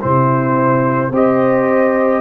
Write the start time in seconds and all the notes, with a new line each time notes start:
0.00 C3 C4 E4 C5
1.10 C4 G4 C5 D#5